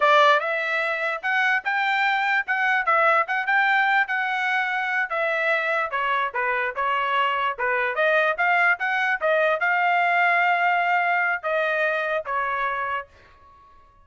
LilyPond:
\new Staff \with { instrumentName = "trumpet" } { \time 4/4 \tempo 4 = 147 d''4 e''2 fis''4 | g''2 fis''4 e''4 | fis''8 g''4. fis''2~ | fis''8 e''2 cis''4 b'8~ |
b'8 cis''2 b'4 dis''8~ | dis''8 f''4 fis''4 dis''4 f''8~ | f''1 | dis''2 cis''2 | }